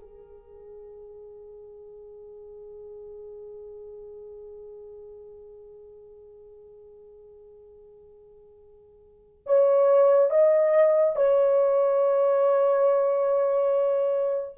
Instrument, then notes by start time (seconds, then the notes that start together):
horn
0.00 G#4
9.46 C#5
10.31 D#5
11.16 C#5